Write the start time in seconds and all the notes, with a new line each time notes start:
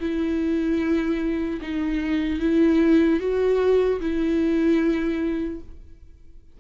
0.00 E4
1.61 D#4
2.40 E4
3.20 F#4
4.00 E4